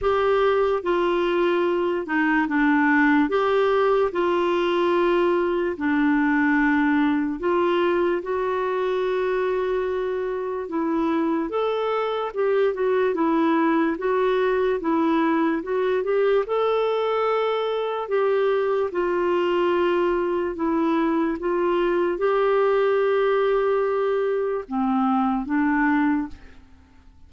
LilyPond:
\new Staff \with { instrumentName = "clarinet" } { \time 4/4 \tempo 4 = 73 g'4 f'4. dis'8 d'4 | g'4 f'2 d'4~ | d'4 f'4 fis'2~ | fis'4 e'4 a'4 g'8 fis'8 |
e'4 fis'4 e'4 fis'8 g'8 | a'2 g'4 f'4~ | f'4 e'4 f'4 g'4~ | g'2 c'4 d'4 | }